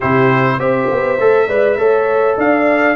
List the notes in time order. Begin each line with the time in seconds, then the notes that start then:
0.00 C3 E4 G4 C5
0.58 C4 G4 C5 E5
0.90 B3
1.19 A3 A4
1.47 G#3 B4 D5
1.76 A3 A4 C#5
2.37 D4 D5 F5